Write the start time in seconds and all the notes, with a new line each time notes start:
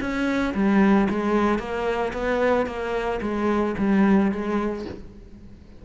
0.00 C#4
0.54 G3
1.09 G#3
1.58 A#3
2.13 B3
2.66 A#3
3.21 G#3
3.78 G3
4.31 G#3